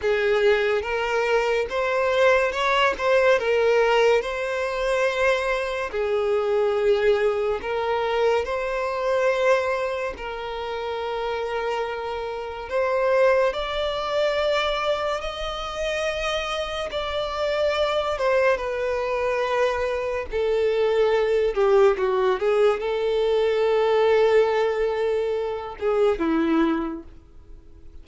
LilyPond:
\new Staff \with { instrumentName = "violin" } { \time 4/4 \tempo 4 = 71 gis'4 ais'4 c''4 cis''8 c''8 | ais'4 c''2 gis'4~ | gis'4 ais'4 c''2 | ais'2. c''4 |
d''2 dis''2 | d''4. c''8 b'2 | a'4. g'8 fis'8 gis'8 a'4~ | a'2~ a'8 gis'8 e'4 | }